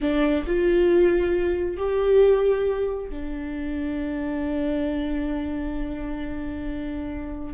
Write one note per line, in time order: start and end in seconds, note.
0.00 0.45 D4
0.46 1.77 F4
1.77 3.10 G4
3.10 7.54 D4